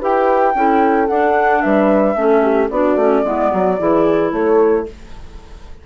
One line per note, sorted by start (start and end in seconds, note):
0.00 0.54 E4
0.00 0.54 G4
0.00 0.54 B4
0.00 1.07 G5
0.54 1.08 C#4
0.54 1.08 E4
0.54 1.62 A4
1.07 2.15 D4
1.07 1.63 D4
1.07 1.61 F#5
1.61 2.15 G3
1.61 2.17 B4
1.61 2.69 E5
2.15 2.69 A3
2.15 2.69 C#4
2.15 2.42 A4
2.42 2.69 G4
2.70 2.95 B3
2.70 2.99 D4
2.70 3.24 F#4
2.70 4.32 D5
2.95 3.22 A3
2.95 3.23 C#4
3.23 3.51 G#3
3.23 3.77 B3
3.23 3.51 E4
3.51 3.80 F#3
3.51 3.78 F#4
3.78 4.32 E3
3.78 4.86 E4
3.78 4.32 G#4
4.32 4.86 A3
4.32 4.86 A4
4.32 4.86 C#5